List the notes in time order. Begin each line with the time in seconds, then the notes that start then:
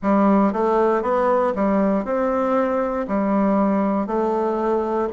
0.02 G3
0.53 A3
1.02 B3
1.55 G3
2.04 C4
3.07 G3
4.06 A3